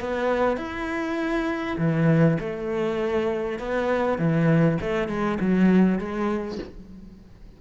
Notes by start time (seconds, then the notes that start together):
0.00 B3
0.57 E4
1.78 E3
2.40 A3
3.59 B3
4.18 E3
4.81 A3
5.08 G#3
5.40 F#3
5.99 G#3